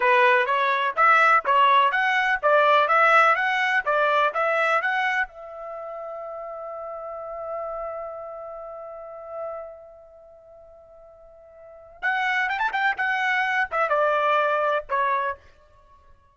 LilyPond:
\new Staff \with { instrumentName = "trumpet" } { \time 4/4 \tempo 4 = 125 b'4 cis''4 e''4 cis''4 | fis''4 d''4 e''4 fis''4 | d''4 e''4 fis''4 e''4~ | e''1~ |
e''1~ | e''1~ | e''4 fis''4 g''16 a''16 g''8 fis''4~ | fis''8 e''8 d''2 cis''4 | }